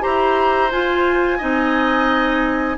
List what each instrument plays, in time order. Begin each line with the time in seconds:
0.00 bassoon E4, clarinet G4, oboe C5, flute A#5
0.71 bassoon F4, clarinet F4, flute G#5
1.38 bassoon C4, clarinet D#4, oboe D#5